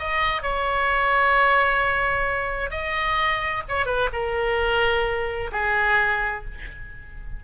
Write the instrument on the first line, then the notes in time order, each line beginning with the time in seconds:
oboe
0.00 D#5
0.43 C#5
2.71 D#5
3.69 C#5
3.86 B4
4.13 A#4
5.52 G#4